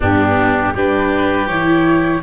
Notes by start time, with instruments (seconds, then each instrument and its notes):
0.00 tuba G2, viola B3, oboe D4, flute G4
0.74 tuba G3, viola D4, oboe G4, flute B4
1.46 tuba E3, viola E4, flute C#5